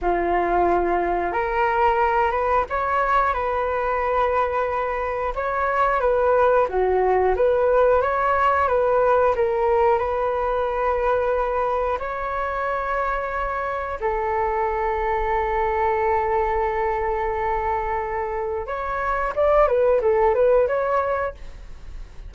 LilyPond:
\new Staff \with { instrumentName = "flute" } { \time 4/4 \tempo 4 = 90 f'2 ais'4. b'8 | cis''4 b'2. | cis''4 b'4 fis'4 b'4 | cis''4 b'4 ais'4 b'4~ |
b'2 cis''2~ | cis''4 a'2.~ | a'1 | cis''4 d''8 b'8 a'8 b'8 cis''4 | }